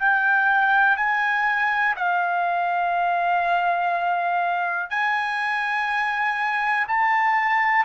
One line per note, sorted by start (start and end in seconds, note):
0.00 0.97 G5
0.97 1.96 G#5
1.97 4.90 F5
4.90 6.87 G#5
6.88 7.86 A5